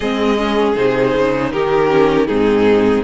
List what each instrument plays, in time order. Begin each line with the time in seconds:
0.00 cello G#3, viola C4, violin G#4 D#5
0.37 viola C#4
0.75 cello C3, viola D#4, violin C5
1.15 cello C#3
1.51 cello D#3, violin G4 A#4
1.89 viola C#4
2.27 cello G#2, viola C4, violin D#4 G#4